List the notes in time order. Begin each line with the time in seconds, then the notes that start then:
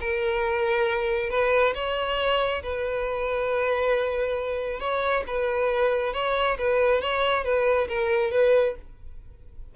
0.00 A#4
1.30 B4
1.74 C#5
2.63 B4
4.80 C#5
5.27 B4
6.13 C#5
6.58 B4
7.01 C#5
7.44 B4
7.88 A#4
8.31 B4